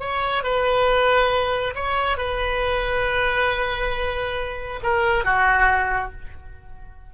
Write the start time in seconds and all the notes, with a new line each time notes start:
0.00 C#5
0.43 B4
1.75 C#5
2.18 B4
4.83 A#4
5.25 F#4